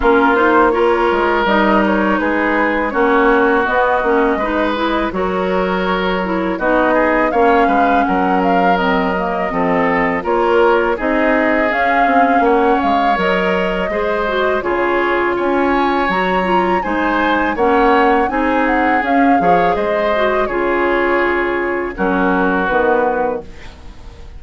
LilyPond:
<<
  \new Staff \with { instrumentName = "flute" } { \time 4/4 \tempo 4 = 82 ais'8 c''8 cis''4 dis''8 cis''8 b'4 | cis''4 dis''2 cis''4~ | cis''4 dis''4 f''4 fis''8 f''8 | dis''2 cis''4 dis''4 |
f''4 fis''8 f''8 dis''2 | cis''4 gis''4 ais''4 gis''4 | fis''4 gis''8 fis''8 f''4 dis''4 | cis''2 ais'4 b'4 | }
  \new Staff \with { instrumentName = "oboe" } { \time 4/4 f'4 ais'2 gis'4 | fis'2 b'4 ais'4~ | ais'4 fis'8 gis'8 cis''8 b'8 ais'4~ | ais'4 a'4 ais'4 gis'4~ |
gis'4 cis''2 c''4 | gis'4 cis''2 c''4 | cis''4 gis'4. cis''8 c''4 | gis'2 fis'2 | }
  \new Staff \with { instrumentName = "clarinet" } { \time 4/4 cis'8 dis'8 f'4 dis'2 | cis'4 b8 cis'8 dis'8 e'8 fis'4~ | fis'8 e'8 dis'4 cis'2 | c'8 ais8 c'4 f'4 dis'4 |
cis'2 ais'4 gis'8 fis'8 | f'2 fis'8 f'8 dis'4 | cis'4 dis'4 cis'8 gis'4 fis'8 | f'2 cis'4 b4 | }
  \new Staff \with { instrumentName = "bassoon" } { \time 4/4 ais4. gis8 g4 gis4 | ais4 b8 ais8 gis4 fis4~ | fis4 b4 ais8 gis8 fis4~ | fis4 f4 ais4 c'4 |
cis'8 c'8 ais8 gis8 fis4 gis4 | cis4 cis'4 fis4 gis4 | ais4 c'4 cis'8 f8 gis4 | cis2 fis4 dis4 | }
>>